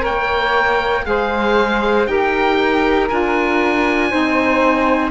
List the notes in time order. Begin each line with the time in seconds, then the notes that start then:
0.00 A#3 A#4 C#5 G5
1.05 G#3 G#4 C5 F5
2.06 D#4 G4 A#4 G5
3.09 D4 F4 G#5
4.10 C4 D#4 C5